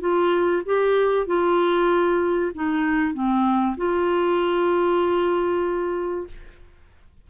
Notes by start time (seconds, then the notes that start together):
0.00 F4
0.65 G4
1.26 F4
2.54 D#4
3.14 C4
3.77 F4